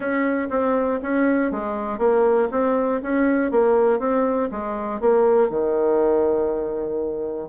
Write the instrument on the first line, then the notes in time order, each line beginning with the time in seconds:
bassoon
0.00 C#4
0.50 C4
1.02 C#4
1.51 G#3
1.98 A#3
2.51 C4
3.02 C#4
3.51 A#3
3.99 C4
4.51 G#3
5.00 A#3
5.49 D#3